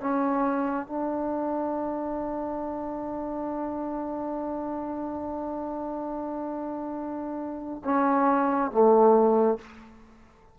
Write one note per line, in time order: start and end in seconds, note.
0.00 0.86 C#4
0.86 7.82 D4
7.84 8.71 C#4
8.71 9.58 A3